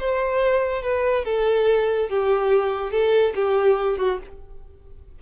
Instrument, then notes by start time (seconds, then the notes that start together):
violin
0.00 C5
0.83 B4
1.25 A4
2.10 G4
2.92 A4
3.36 G4
3.98 F#4